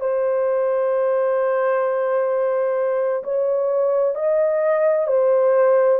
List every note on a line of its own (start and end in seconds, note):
0.00 3.23 C5
3.23 4.15 C#5
4.15 5.07 D#5
5.07 6.00 C5